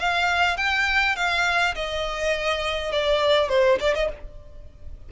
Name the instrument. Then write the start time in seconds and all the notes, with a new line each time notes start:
violin
0.00 F5
0.57 G5
1.16 F5
1.76 D#5
2.93 D5
3.49 C5
3.80 D5
3.95 D#5